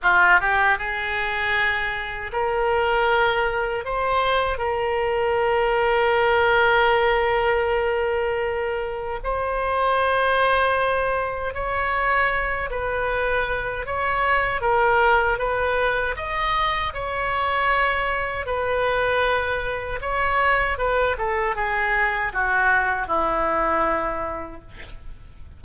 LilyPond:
\new Staff \with { instrumentName = "oboe" } { \time 4/4 \tempo 4 = 78 f'8 g'8 gis'2 ais'4~ | ais'4 c''4 ais'2~ | ais'1 | c''2. cis''4~ |
cis''8 b'4. cis''4 ais'4 | b'4 dis''4 cis''2 | b'2 cis''4 b'8 a'8 | gis'4 fis'4 e'2 | }